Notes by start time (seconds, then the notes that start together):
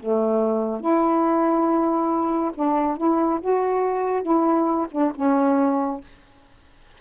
0.00 A3
0.81 E4
2.55 D4
2.98 E4
3.41 F#4
4.23 E4
4.91 D4
5.15 C#4